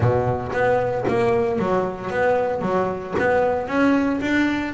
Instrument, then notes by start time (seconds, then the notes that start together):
double bass
0.00 B2
0.52 B3
1.08 A#3
1.58 F#3
2.10 B3
2.61 F#3
3.18 B3
3.67 C#4
4.21 D4